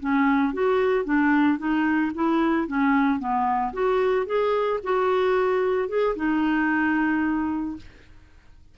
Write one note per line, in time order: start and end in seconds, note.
0.00 0.54 C#4
0.54 1.05 F#4
1.05 1.58 D4
1.58 2.12 D#4
2.15 2.68 E4
2.68 3.19 C#4
3.19 3.73 B3
3.73 4.26 F#4
4.26 4.80 G#4
4.84 5.89 F#4
5.89 6.16 G#4
6.16 7.77 D#4